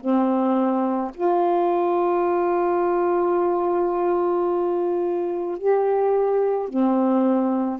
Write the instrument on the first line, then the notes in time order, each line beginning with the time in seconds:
saxophone
0.00 C4
1.14 F4
5.58 G4
6.68 C4